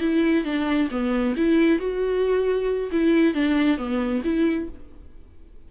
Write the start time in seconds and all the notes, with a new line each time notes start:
0.00 E4
0.44 D4
0.91 B3
1.36 E4
1.79 F#4
2.91 E4
3.34 D4
3.77 B3
4.24 E4